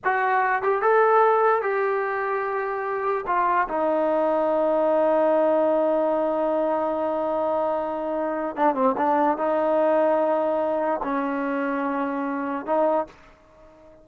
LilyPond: \new Staff \with { instrumentName = "trombone" } { \time 4/4 \tempo 4 = 147 fis'4. g'8 a'2 | g'1 | f'4 dis'2.~ | dis'1~ |
dis'1~ | dis'4 d'8 c'8 d'4 dis'4~ | dis'2. cis'4~ | cis'2. dis'4 | }